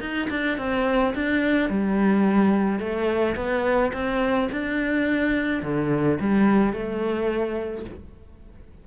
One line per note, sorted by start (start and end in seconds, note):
0.00 0.28 D#4
0.30 0.58 D4
0.58 1.14 C4
1.15 1.69 D4
1.69 2.79 G3
2.79 3.35 A3
3.36 3.92 B3
3.93 4.49 C4
4.52 5.63 D4
5.63 6.19 D3
6.20 6.73 G3
6.73 7.85 A3